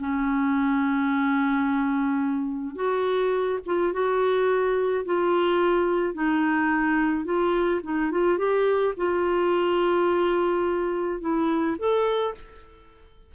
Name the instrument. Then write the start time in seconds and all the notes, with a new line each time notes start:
clarinet
0.00 C#4
2.76 F#4
3.67 F4
3.93 F#4
5.06 F4
6.14 D#4
7.25 F4
7.84 D#4
8.12 F4
8.38 G4
8.97 F4
11.21 E4
11.79 A4